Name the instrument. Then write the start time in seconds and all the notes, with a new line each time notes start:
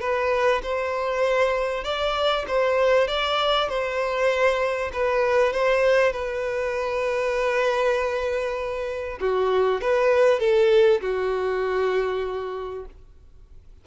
violin
0.00 B4
0.63 C5
1.84 D5
2.47 C5
3.08 D5
3.69 C5
4.93 B4
5.53 C5
6.12 B4
9.20 F#4
9.81 B4
10.39 A4
11.01 F#4